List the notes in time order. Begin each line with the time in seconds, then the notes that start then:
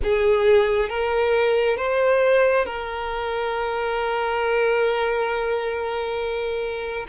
0.03 G#4
0.89 A#4
1.77 C5
2.65 A#4